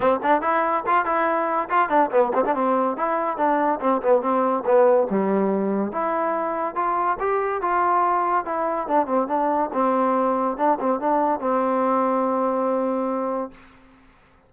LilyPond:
\new Staff \with { instrumentName = "trombone" } { \time 4/4 \tempo 4 = 142 c'8 d'8 e'4 f'8 e'4. | f'8 d'8 b8 c'16 d'16 c'4 e'4 | d'4 c'8 b8 c'4 b4 | g2 e'2 |
f'4 g'4 f'2 | e'4 d'8 c'8 d'4 c'4~ | c'4 d'8 c'8 d'4 c'4~ | c'1 | }